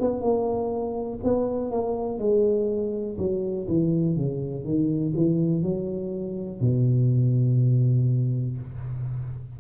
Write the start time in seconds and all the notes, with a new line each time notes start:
0.00 B3
0.21 A#3
1.23 B3
1.71 A#3
2.19 G#3
3.18 F#3
3.68 E3
4.16 C#3
4.64 D#3
5.15 E3
5.62 F#3
6.60 B2